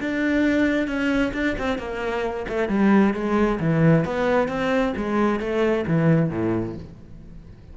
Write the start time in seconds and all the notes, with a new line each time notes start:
0.00 D4
0.87 C#4
1.34 D4
1.58 C4
1.78 A#3
2.49 A3
2.69 G3
3.14 G#3
3.60 E3
4.05 B3
4.48 C4
4.97 G#3
5.40 A3
5.87 E3
6.30 A2